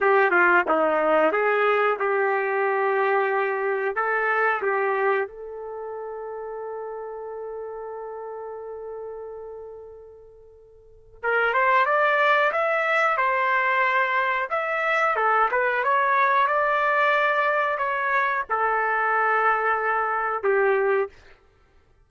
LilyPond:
\new Staff \with { instrumentName = "trumpet" } { \time 4/4 \tempo 4 = 91 g'8 f'8 dis'4 gis'4 g'4~ | g'2 a'4 g'4 | a'1~ | a'1~ |
a'4 ais'8 c''8 d''4 e''4 | c''2 e''4 a'8 b'8 | cis''4 d''2 cis''4 | a'2. g'4 | }